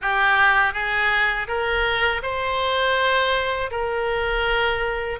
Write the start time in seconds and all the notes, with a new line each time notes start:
0.01 G4
0.73 G#4
1.47 A#4
2.22 C5
3.70 A#4